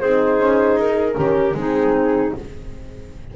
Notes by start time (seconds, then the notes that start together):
0.00 C4 D#4 G#4 C5
0.39 C#4
0.75 D#4 A#4
1.14 D#3 C#4 G4
1.54 G#3 C4 D#4 G#4